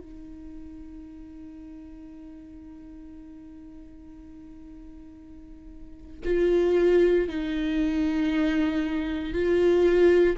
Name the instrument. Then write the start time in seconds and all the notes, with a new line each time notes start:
viola
0.00 D#4
6.25 F4
7.28 D#4
9.33 F4